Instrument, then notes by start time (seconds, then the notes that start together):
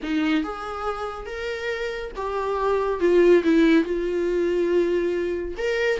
viola
0.02 D#4
0.43 G#4
1.25 A#4
2.15 G4
3.00 F4
3.43 E4
3.84 F4
5.57 A#4